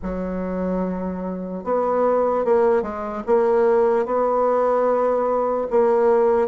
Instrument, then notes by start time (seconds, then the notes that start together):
bassoon
0.02 F#3
1.64 B3
2.44 A#3
2.82 G#3
3.26 A#3
4.05 B3
5.70 A#3